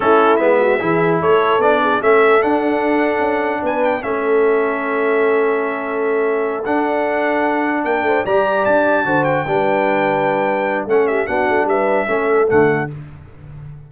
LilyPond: <<
  \new Staff \with { instrumentName = "trumpet" } { \time 4/4 \tempo 4 = 149 a'4 e''2 cis''4 | d''4 e''4 fis''2~ | fis''4 gis''8 g''8 e''2~ | e''1~ |
e''8 fis''2. g''8~ | g''8 ais''4 a''4. g''4~ | g''2. fis''8 e''8 | fis''4 e''2 fis''4 | }
  \new Staff \with { instrumentName = "horn" } { \time 4/4 e'4. fis'8 gis'4 a'4~ | a'8 gis'8 a'2.~ | a'4 b'4 a'2~ | a'1~ |
a'2.~ a'8 ais'8 | c''8 d''2 c''4 b'8~ | b'2. a'8 g'8 | fis'4 b'4 a'2 | }
  \new Staff \with { instrumentName = "trombone" } { \time 4/4 cis'4 b4 e'2 | d'4 cis'4 d'2~ | d'2 cis'2~ | cis'1~ |
cis'8 d'2.~ d'8~ | d'8 g'2 fis'4 d'8~ | d'2. cis'4 | d'2 cis'4 a4 | }
  \new Staff \with { instrumentName = "tuba" } { \time 4/4 a4 gis4 e4 a4 | b4 a4 d'2 | cis'4 b4 a2~ | a1~ |
a8 d'2. ais8 | a8 g4 d'4 d4 g8~ | g2. a4 | b8 a8 g4 a4 d4 | }
>>